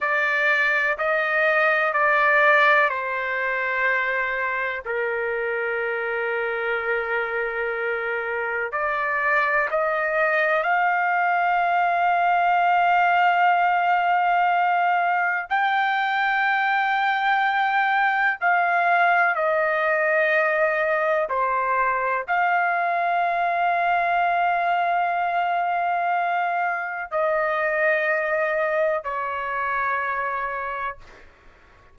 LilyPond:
\new Staff \with { instrumentName = "trumpet" } { \time 4/4 \tempo 4 = 62 d''4 dis''4 d''4 c''4~ | c''4 ais'2.~ | ais'4 d''4 dis''4 f''4~ | f''1 |
g''2. f''4 | dis''2 c''4 f''4~ | f''1 | dis''2 cis''2 | }